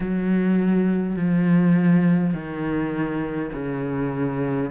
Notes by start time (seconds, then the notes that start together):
0.00 F#3
1.16 F3
2.33 D#3
3.52 C#3